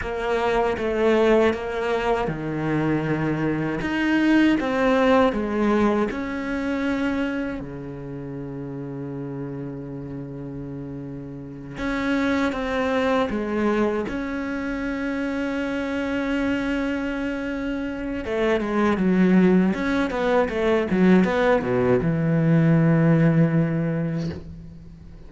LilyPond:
\new Staff \with { instrumentName = "cello" } { \time 4/4 \tempo 4 = 79 ais4 a4 ais4 dis4~ | dis4 dis'4 c'4 gis4 | cis'2 cis2~ | cis2.~ cis8 cis'8~ |
cis'8 c'4 gis4 cis'4.~ | cis'1 | a8 gis8 fis4 cis'8 b8 a8 fis8 | b8 b,8 e2. | }